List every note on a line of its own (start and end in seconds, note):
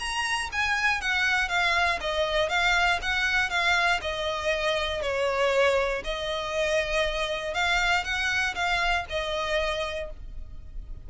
0.00 0.50 A#5
0.52 1.01 G#5
1.01 1.49 F#5
1.49 2.00 F5
2.01 2.49 D#5
2.49 3.00 F5
3.02 3.50 F#5
3.50 4.01 F5
4.02 5.02 D#5
5.02 6.03 C#5
6.04 7.55 D#5
7.55 8.04 F5
8.04 8.55 F#5
8.56 9.06 F5
9.10 10.11 D#5